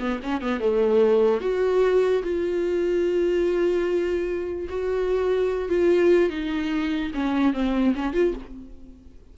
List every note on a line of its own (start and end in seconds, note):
0.00 0.20 B3
0.23 0.41 C#4
0.41 0.60 B3
0.60 1.41 A3
1.41 2.22 F#4
2.23 4.68 F4
4.69 5.69 F#4
5.69 6.30 F4
6.30 7.12 D#4
7.14 7.54 C#4
7.54 7.94 C4
7.95 8.14 C#4
8.14 8.34 F4